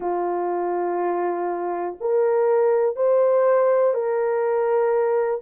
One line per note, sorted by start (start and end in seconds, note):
0.00 1.96 F4
2.00 2.96 A#4
2.96 3.93 C5
3.93 5.41 A#4